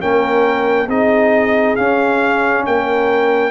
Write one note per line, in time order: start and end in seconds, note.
0.00 0.88 A#3
0.00 0.88 C#4
0.00 0.88 A#4
0.00 0.90 G5
0.88 1.76 C4
0.88 1.77 D#4
0.88 2.65 G#4
0.88 1.76 D#5
1.76 3.51 C#4
1.76 2.66 C#4
1.76 2.64 F5
2.66 3.51 A#3
2.66 3.51 A#4
2.66 3.51 G5